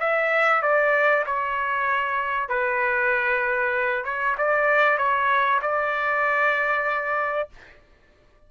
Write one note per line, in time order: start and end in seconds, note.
0.00 0.62 E5
0.62 1.25 D5
1.26 2.49 C#5
2.49 4.05 B4
4.05 4.36 C#5
4.38 4.98 D5
4.98 5.61 C#5
5.62 7.49 D5